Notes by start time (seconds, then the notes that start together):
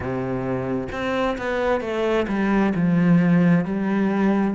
0.00 C3
0.91 C4
1.38 B3
1.81 A3
2.27 G3
2.75 F3
3.64 G3